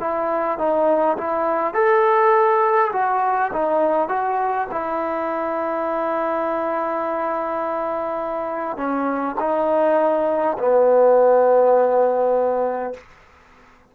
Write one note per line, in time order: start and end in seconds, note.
0.00 0.59 E4
0.59 1.18 D#4
1.18 1.74 E4
1.74 2.92 A4
2.93 3.52 F#4
3.53 4.09 D#4
4.09 4.68 F#4
4.72 8.78 E4
8.78 9.36 C#4
9.40 10.58 D#4
10.59 12.94 B3